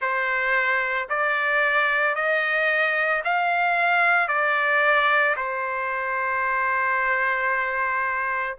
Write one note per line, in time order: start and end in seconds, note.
0.00 1.08 C5
1.09 2.15 D5
2.15 3.22 D#5
3.24 4.28 F5
4.28 5.35 D5
5.36 8.58 C5